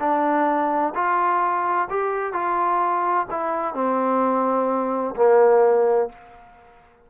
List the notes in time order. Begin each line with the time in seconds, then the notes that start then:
0.00 D4
0.95 F4
1.90 G4
2.33 F4
3.31 E4
3.74 C4
5.16 A#3